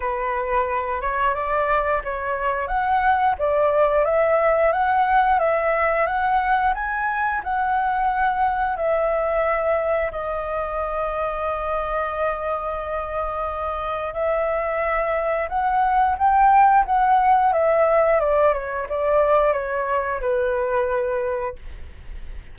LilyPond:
\new Staff \with { instrumentName = "flute" } { \time 4/4 \tempo 4 = 89 b'4. cis''8 d''4 cis''4 | fis''4 d''4 e''4 fis''4 | e''4 fis''4 gis''4 fis''4~ | fis''4 e''2 dis''4~ |
dis''1~ | dis''4 e''2 fis''4 | g''4 fis''4 e''4 d''8 cis''8 | d''4 cis''4 b'2 | }